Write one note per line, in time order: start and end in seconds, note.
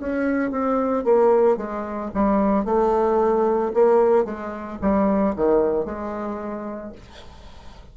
0.00 0.52 C#4
0.52 1.05 C4
1.05 1.57 A#3
1.57 2.11 G#3
2.15 2.65 G3
2.65 3.73 A3
3.74 4.25 A#3
4.25 4.79 G#3
4.82 5.35 G3
5.36 5.85 D#3
5.85 6.93 G#3